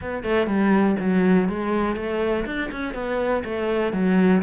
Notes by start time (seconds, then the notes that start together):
0.01 B3
0.23 A3
0.46 G3
0.99 F#3
1.48 G#3
1.96 A3
2.45 D4
2.71 C#4
2.94 B3
3.44 A3
3.92 F#3